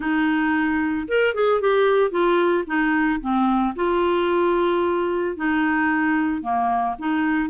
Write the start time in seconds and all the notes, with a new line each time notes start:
0.00 D#4
1.08 A#4
1.34 G#4
1.60 G4
2.10 F4
2.66 D#4
3.20 C4
3.75 F4
5.36 D#4
6.42 A#3
6.98 D#4